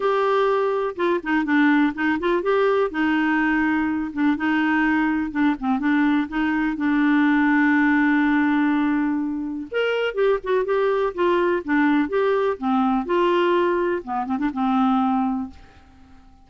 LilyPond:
\new Staff \with { instrumentName = "clarinet" } { \time 4/4 \tempo 4 = 124 g'2 f'8 dis'8 d'4 | dis'8 f'8 g'4 dis'2~ | dis'8 d'8 dis'2 d'8 c'8 | d'4 dis'4 d'2~ |
d'1 | ais'4 g'8 fis'8 g'4 f'4 | d'4 g'4 c'4 f'4~ | f'4 b8 c'16 d'16 c'2 | }